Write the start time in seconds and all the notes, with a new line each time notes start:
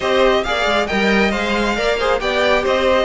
0.00 C4 G4 C5 D#5
0.43 A#3 G#4 D5 F5
0.66 G#3
0.86 G3 A#4 D#5 G5
1.31 G#3 C5 F5
1.75 A#3 A#4 D5
1.98 G#4 C5
2.19 B3 G4 D5 G5
2.62 C4 C5 D#5